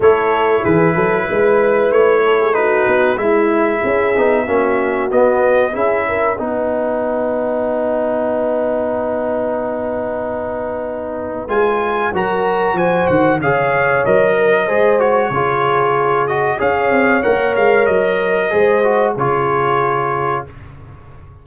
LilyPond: <<
  \new Staff \with { instrumentName = "trumpet" } { \time 4/4 \tempo 4 = 94 cis''4 b'2 cis''4 | b'4 e''2. | dis''4 e''4 fis''2~ | fis''1~ |
fis''2 gis''4 ais''4 | gis''8 fis''8 f''4 dis''4. cis''8~ | cis''4. dis''8 f''4 fis''8 f''8 | dis''2 cis''2 | }
  \new Staff \with { instrumentName = "horn" } { \time 4/4 a'4 gis'8 a'8 b'4. a'16 gis'16 | fis'4 e'4 gis'4 fis'4~ | fis'4 gis'8 ais'8 b'2~ | b'1~ |
b'2. ais'4 | c''4 cis''4. ais'8 c''4 | gis'2 cis''2~ | cis''4 c''4 gis'2 | }
  \new Staff \with { instrumentName = "trombone" } { \time 4/4 e'1 | dis'4 e'4. dis'8 cis'4 | b4 e'4 dis'2~ | dis'1~ |
dis'2 f'4 fis'4~ | fis'4 gis'4 ais'4 gis'8 fis'8 | f'4. fis'8 gis'4 ais'4~ | ais'4 gis'8 fis'8 f'2 | }
  \new Staff \with { instrumentName = "tuba" } { \time 4/4 a4 e8 fis8 gis4 a4~ | a8 b8 gis4 cis'8 b8 ais4 | b4 cis'4 b2~ | b1~ |
b2 gis4 fis4 | f8 dis8 cis4 fis4 gis4 | cis2 cis'8 c'8 ais8 gis8 | fis4 gis4 cis2 | }
>>